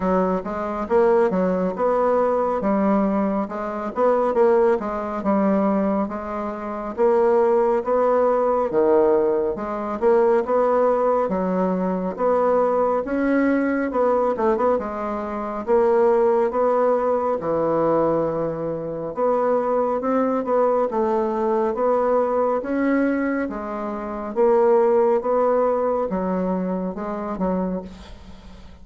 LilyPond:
\new Staff \with { instrumentName = "bassoon" } { \time 4/4 \tempo 4 = 69 fis8 gis8 ais8 fis8 b4 g4 | gis8 b8 ais8 gis8 g4 gis4 | ais4 b4 dis4 gis8 ais8 | b4 fis4 b4 cis'4 |
b8 a16 b16 gis4 ais4 b4 | e2 b4 c'8 b8 | a4 b4 cis'4 gis4 | ais4 b4 fis4 gis8 fis8 | }